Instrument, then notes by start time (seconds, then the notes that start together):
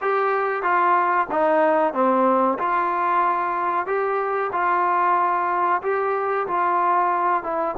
trombone
0.01 G4
0.62 F4
1.31 D#4
1.93 C4
2.58 F4
3.86 G4
4.52 F4
5.82 G4
6.47 F4
7.43 E4